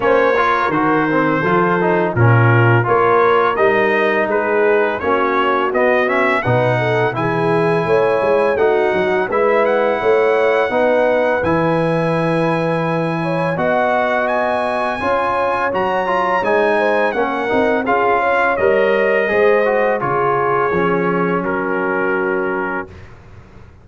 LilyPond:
<<
  \new Staff \with { instrumentName = "trumpet" } { \time 4/4 \tempo 4 = 84 cis''4 c''2 ais'4 | cis''4 dis''4 b'4 cis''4 | dis''8 e''8 fis''4 gis''2 | fis''4 e''8 fis''2~ fis''8 |
gis''2. fis''4 | gis''2 ais''4 gis''4 | fis''4 f''4 dis''2 | cis''2 ais'2 | }
  \new Staff \with { instrumentName = "horn" } { \time 4/4 c''8 ais'4. a'4 f'4 | ais'2 gis'4 fis'4~ | fis'4 b'8 a'8 gis'4 cis''4 | fis'4 b'4 cis''4 b'4~ |
b'2~ b'8 cis''8 dis''4~ | dis''4 cis''2~ cis''8 c''8 | ais'4 gis'8 cis''4. c''4 | gis'2 fis'2 | }
  \new Staff \with { instrumentName = "trombone" } { \time 4/4 cis'8 f'8 fis'8 c'8 f'8 dis'8 cis'4 | f'4 dis'2 cis'4 | b8 cis'8 dis'4 e'2 | dis'4 e'2 dis'4 |
e'2. fis'4~ | fis'4 f'4 fis'8 f'8 dis'4 | cis'8 dis'8 f'4 ais'4 gis'8 fis'8 | f'4 cis'2. | }
  \new Staff \with { instrumentName = "tuba" } { \time 4/4 ais4 dis4 f4 ais,4 | ais4 g4 gis4 ais4 | b4 b,4 e4 a8 gis8 | a8 fis8 gis4 a4 b4 |
e2. b4~ | b4 cis'4 fis4 gis4 | ais8 c'8 cis'4 g4 gis4 | cis4 f4 fis2 | }
>>